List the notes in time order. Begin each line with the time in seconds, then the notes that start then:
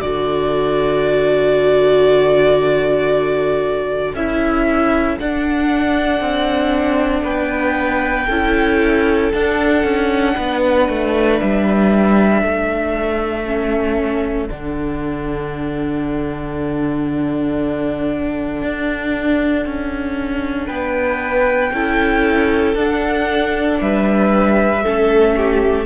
0.00 D3 F#4 A4 D5
4.14 C#4 E4 E5
5.19 D4 F#5
6.21 C4
7.23 B3 B4 G5
8.27 C#4 E4 A4
9.33 D4 F#5
9.84 C#4
10.35 B3 B4
10.89 A3
11.40 G3 E5
12.42 A3 A4
13.45 C#4
14.49 D3 D4 F#5
18.62 D4
19.66 C#4
20.68 B3 B4 G5
21.73 C#4 E4 A4
22.75 D4 F#5
23.81 G3 B4 E5
24.83 A3 C#4 A4
25.37 G4